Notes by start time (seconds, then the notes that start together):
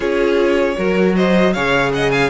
0.00 C#4 F4 G#4 C#5
0.77 F#3 F#4 A#4
1.16 C5 D#5
1.53 C#3 G#4 C#5 F5
1.93 D#5 F#5
2.10 F5 G#5